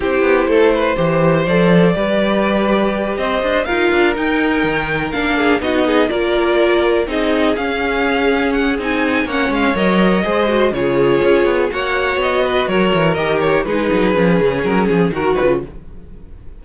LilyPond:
<<
  \new Staff \with { instrumentName = "violin" } { \time 4/4 \tempo 4 = 123 c''2. d''4~ | d''2~ d''8 dis''4 f''8~ | f''8 g''2 f''4 dis''8~ | dis''8 d''2 dis''4 f''8~ |
f''4. fis''8 gis''4 fis''8 f''8 | dis''2 cis''2 | fis''4 dis''4 cis''4 dis''8 cis''8 | b'2 ais'8 gis'8 ais'8 b'8 | }
  \new Staff \with { instrumentName = "violin" } { \time 4/4 g'4 a'8 b'8 c''2 | b'2~ b'8 c''4 ais'8~ | ais'2. gis'8 fis'8 | gis'8 ais'2 gis'4.~ |
gis'2. cis''4~ | cis''4 c''4 gis'2 | cis''4. b'8 ais'2 | gis'2. fis'4 | }
  \new Staff \with { instrumentName = "viola" } { \time 4/4 e'2 g'4 a'4 | g'2.~ g'8 f'8~ | f'8 dis'2 d'4 dis'8~ | dis'8 f'2 dis'4 cis'8~ |
cis'2 dis'4 cis'4 | ais'4 gis'8 fis'8 f'2 | fis'2. g'4 | dis'4 cis'2 fis'8 f'8 | }
  \new Staff \with { instrumentName = "cello" } { \time 4/4 c'8 b8 a4 e4 f4 | g2~ g8 c'8 d'8 dis'8 | d'8 dis'4 dis4 ais4 b8~ | b8 ais2 c'4 cis'8~ |
cis'2 c'4 ais8 gis8 | fis4 gis4 cis4 cis'8 b8 | ais4 b4 fis8 e8 dis4 | gis8 fis8 f8 cis8 fis8 f8 dis8 cis8 | }
>>